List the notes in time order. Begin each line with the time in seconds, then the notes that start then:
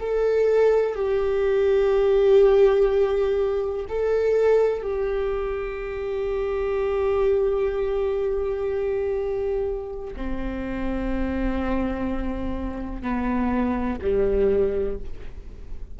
0.00 A4
0.95 G4
3.89 A4
4.83 G4
10.16 C4
13.02 B3
14.02 G3